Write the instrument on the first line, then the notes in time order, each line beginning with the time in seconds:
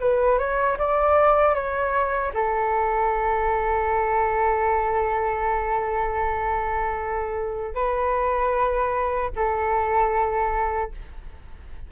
flute
0.00 B4
0.38 C#5
0.78 D5
1.54 C#5
2.34 A4
7.75 B4
9.35 A4